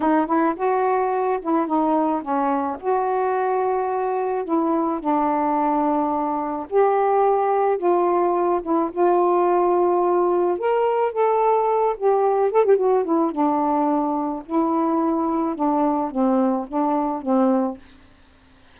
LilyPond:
\new Staff \with { instrumentName = "saxophone" } { \time 4/4 \tempo 4 = 108 dis'8 e'8 fis'4. e'8 dis'4 | cis'4 fis'2. | e'4 d'2. | g'2 f'4. e'8 |
f'2. ais'4 | a'4. g'4 a'16 g'16 fis'8 e'8 | d'2 e'2 | d'4 c'4 d'4 c'4 | }